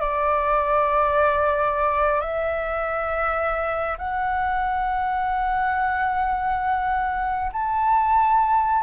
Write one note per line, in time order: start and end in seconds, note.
0.00 2.21 D5
2.21 3.97 E5
3.98 7.51 F#5
7.52 8.83 A5